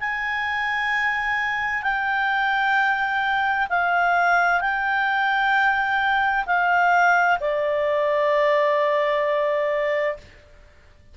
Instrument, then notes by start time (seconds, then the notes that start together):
clarinet
0.00 G#5
1.83 G5
3.70 F5
4.61 G5
6.46 F5
7.40 D5